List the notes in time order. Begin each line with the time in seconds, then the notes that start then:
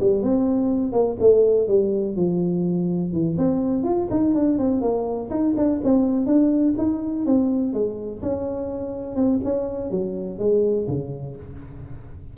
0.00 G3
0.23 C4
0.92 A#3
1.20 A3
1.68 G3
2.16 F3
3.13 E3
3.38 C4
3.83 F4
4.10 D#4
4.35 D4
4.58 C4
4.81 A#3
5.30 D#4
5.56 D4
5.84 C4
6.26 D4
6.78 D#4
7.26 C4
7.74 G#3
8.22 C#4
9.16 C4
9.44 C#4
9.91 F#3
10.38 G#3
10.88 C#3